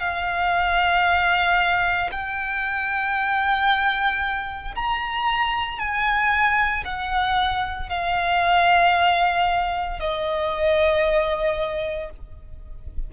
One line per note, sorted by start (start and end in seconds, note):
0.00 2.11 F5
2.12 4.75 G5
4.76 5.79 A#5
5.79 6.84 G#5
6.85 7.89 F#5
7.89 10.00 F5
10.00 12.11 D#5